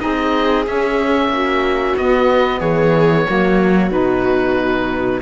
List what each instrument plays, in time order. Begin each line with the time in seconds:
0.00 cello C4, saxophone D#4, viola G#4, oboe D#5
0.66 saxophone C#4, cello C#4, oboe E5
1.29 cello A#3, viola F#4
1.97 saxophone B3, cello B3, oboe D#5
2.60 cello E3, viola G#4, oboe C#5
3.28 cello F#3, saxophone A#3, viola F#4
3.90 cello B2, saxophone D#4, oboe B4